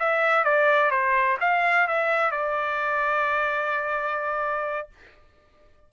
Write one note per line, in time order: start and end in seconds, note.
0.00 0.45 E5
0.45 0.91 D5
0.91 1.38 C5
1.41 1.88 F5
1.88 2.32 E5
2.32 4.89 D5